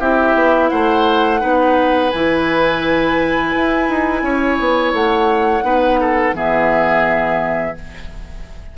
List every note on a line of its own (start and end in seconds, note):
0.00 0.35 C4
0.00 1.40 E4
0.00 0.71 G4
0.00 0.69 E5
0.35 0.70 B3
0.69 1.43 A3
0.69 1.41 C5
0.69 2.10 F#5
1.40 2.14 B3
1.40 2.11 D#4
1.40 4.24 B4
2.10 3.55 E3
2.10 5.63 E4
2.10 4.93 G#5
3.56 3.89 E4
3.89 4.23 D#4
4.23 4.58 C#4
4.23 5.65 C#5
4.60 4.93 B3
4.93 5.63 A3
4.93 6.36 F#5
5.63 6.34 B3
5.63 6.34 D#4
5.63 6.00 B4
6.00 6.36 A4
6.34 7.75 E3
6.34 7.75 B3
6.34 7.77 G#4
6.34 7.78 E5